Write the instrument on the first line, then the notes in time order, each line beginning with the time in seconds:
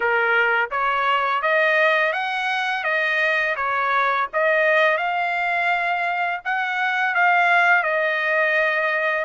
trumpet
0.00 A#4
0.70 C#5
1.42 D#5
2.12 F#5
2.84 D#5
3.56 C#5
4.33 D#5
4.97 F5
6.44 F#5
7.14 F5
7.83 D#5